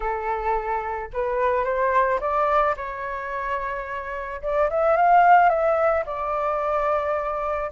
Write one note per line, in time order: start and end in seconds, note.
0.00 1.09 A4
1.13 1.64 B4
1.64 2.19 C5
2.20 2.75 D5
2.76 4.41 C#5
4.42 4.69 D5
4.69 4.96 E5
4.96 5.49 F5
5.49 6.04 E5
6.06 7.71 D5